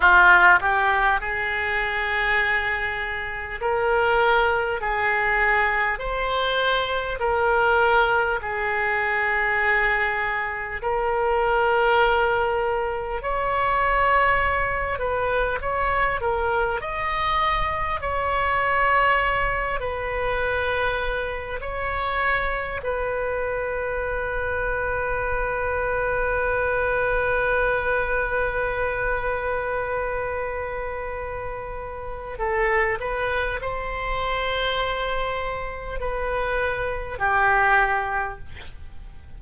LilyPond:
\new Staff \with { instrumentName = "oboe" } { \time 4/4 \tempo 4 = 50 f'8 g'8 gis'2 ais'4 | gis'4 c''4 ais'4 gis'4~ | gis'4 ais'2 cis''4~ | cis''8 b'8 cis''8 ais'8 dis''4 cis''4~ |
cis''8 b'4. cis''4 b'4~ | b'1~ | b'2. a'8 b'8 | c''2 b'4 g'4 | }